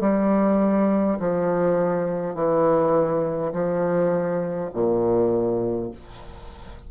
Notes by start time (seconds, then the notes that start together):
0.00 G3
1.19 F3
2.34 E3
3.52 F3
4.73 A#2